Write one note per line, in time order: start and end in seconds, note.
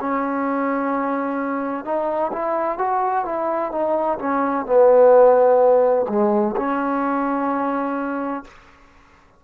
0.00 1.85 C#4
1.85 2.31 D#4
2.32 2.78 E4
2.78 3.25 F#4
3.25 3.71 E4
3.71 4.18 D#4
4.18 4.65 C#4
4.65 6.06 B3
6.09 6.55 G#3
6.56 8.44 C#4